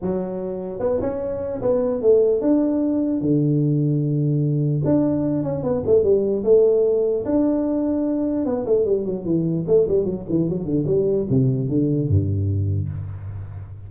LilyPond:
\new Staff \with { instrumentName = "tuba" } { \time 4/4 \tempo 4 = 149 fis2 b8 cis'4. | b4 a4 d'2 | d1 | d'4. cis'8 b8 a8 g4 |
a2 d'2~ | d'4 b8 a8 g8 fis8 e4 | a8 g8 fis8 e8 fis8 d8 g4 | c4 d4 g,2 | }